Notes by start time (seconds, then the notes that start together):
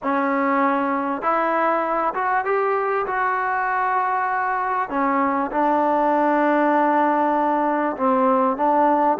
0.03 C#4
1.21 E4
2.14 F#4
2.45 G4
3.06 F#4
4.89 C#4
5.51 D4
7.97 C4
8.57 D4